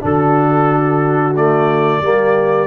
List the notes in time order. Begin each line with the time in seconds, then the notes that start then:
0.00 D3 D4 F#4 A4
1.36 A3 D5
2.01 G3 A#3 G4